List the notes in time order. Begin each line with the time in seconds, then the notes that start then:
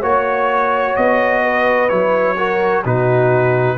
0.00 A#3 F#4 C#5
0.96 B3 D#5
1.42 B4
1.88 F#3 E4 C#5
2.37 F#4 A#4
2.82 B2 D#4 F#4 B4